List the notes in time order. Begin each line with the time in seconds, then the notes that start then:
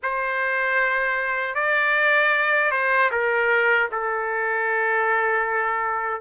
0.02 C5
1.54 D5
2.71 C5
3.11 A#4
3.91 A4